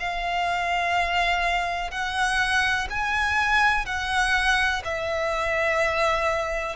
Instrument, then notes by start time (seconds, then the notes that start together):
violin
0.00 F5
1.91 F#5
2.90 G#5
3.86 F#5
4.85 E5